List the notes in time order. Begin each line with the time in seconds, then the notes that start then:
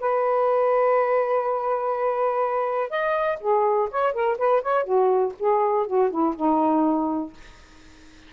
0.00 B4
2.90 D#5
3.40 G#4
3.90 C#5
4.13 A#4
4.38 B4
4.62 C#5
4.84 F#4
5.39 G#4
5.87 F#4
6.10 E4
6.35 D#4